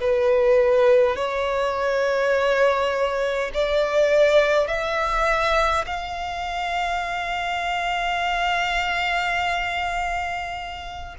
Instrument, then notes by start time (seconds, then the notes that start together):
violin
0.00 B4
1.16 C#5
3.53 D5
4.67 E5
5.86 F5